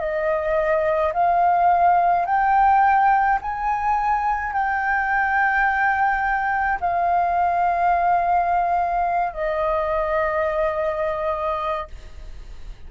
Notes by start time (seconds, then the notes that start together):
0.00 D#5
1.14 F5
2.26 G5
3.42 G#5
4.53 G5
6.81 F5
9.33 D#5